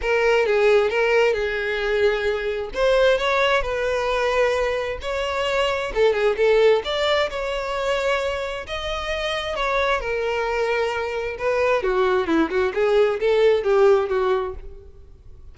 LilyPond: \new Staff \with { instrumentName = "violin" } { \time 4/4 \tempo 4 = 132 ais'4 gis'4 ais'4 gis'4~ | gis'2 c''4 cis''4 | b'2. cis''4~ | cis''4 a'8 gis'8 a'4 d''4 |
cis''2. dis''4~ | dis''4 cis''4 ais'2~ | ais'4 b'4 fis'4 e'8 fis'8 | gis'4 a'4 g'4 fis'4 | }